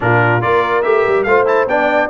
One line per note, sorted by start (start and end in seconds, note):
0.00 0.43 A#2
0.00 0.41 D4
0.00 0.45 F4
0.00 0.41 A#4
0.41 0.84 A#3
0.41 0.83 F4
0.41 1.27 A#4
0.41 0.82 D5
0.82 1.05 A3
0.82 1.26 G4
0.82 1.23 E5
1.07 1.25 G3
1.23 1.66 A3
1.23 1.46 F4
1.23 1.69 C5
1.23 1.44 F5
1.46 1.67 E4
1.46 1.68 A5
1.66 2.08 B3
1.66 2.09 D4
1.66 2.09 D5
1.66 2.09 G5